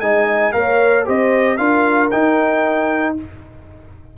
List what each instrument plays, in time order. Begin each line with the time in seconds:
0.00 tuba G#3, trombone D#4, horn D#5, trumpet G#5
0.52 tuba A#3, trombone A#4, horn C#5, trumpet F5
1.05 tuba C4, trombone G4, horn C5, trumpet D#5
1.57 tuba D4, trombone F4, horn A#4, trumpet F5
2.10 trombone D#4, tuba D#4, trumpet G5